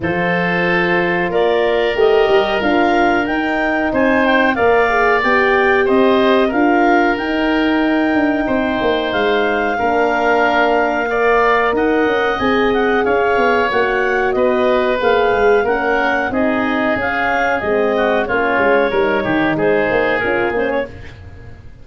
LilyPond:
<<
  \new Staff \with { instrumentName = "clarinet" } { \time 4/4 \tempo 4 = 92 c''2 d''4 dis''4 | f''4 g''4 gis''8 g''8 f''4 | g''4 dis''4 f''4 g''4~ | g''2 f''2~ |
f''2 fis''4 gis''8 fis''8 | f''4 fis''4 dis''4 f''4 | fis''4 dis''4 f''4 dis''4 | cis''2 c''4 ais'8 c''16 cis''16 | }
  \new Staff \with { instrumentName = "oboe" } { \time 4/4 a'2 ais'2~ | ais'2 c''4 d''4~ | d''4 c''4 ais'2~ | ais'4 c''2 ais'4~ |
ais'4 d''4 dis''2 | cis''2 b'2 | ais'4 gis'2~ gis'8 fis'8 | f'4 ais'8 g'8 gis'2 | }
  \new Staff \with { instrumentName = "horn" } { \time 4/4 f'2. g'4 | f'4 dis'2 ais'8 gis'8 | g'2 f'4 dis'4~ | dis'2. d'4~ |
d'4 ais'2 gis'4~ | gis'4 fis'2 gis'4 | cis'4 dis'4 cis'4 c'4 | cis'4 dis'2 f'8 cis'8 | }
  \new Staff \with { instrumentName = "tuba" } { \time 4/4 f2 ais4 a8 g8 | d'4 dis'4 c'4 ais4 | b4 c'4 d'4 dis'4~ | dis'8 d'8 c'8 ais8 gis4 ais4~ |
ais2 dis'8 cis'8 c'4 | cis'8 b8 ais4 b4 ais8 gis8 | ais4 c'4 cis'4 gis4 | ais8 gis8 g8 dis8 gis8 ais8 cis'8 ais8 | }
>>